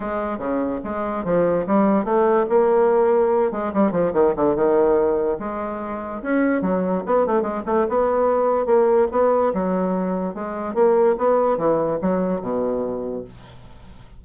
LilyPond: \new Staff \with { instrumentName = "bassoon" } { \time 4/4 \tempo 4 = 145 gis4 cis4 gis4 f4 | g4 a4 ais2~ | ais8 gis8 g8 f8 dis8 d8 dis4~ | dis4 gis2 cis'4 |
fis4 b8 a8 gis8 a8 b4~ | b4 ais4 b4 fis4~ | fis4 gis4 ais4 b4 | e4 fis4 b,2 | }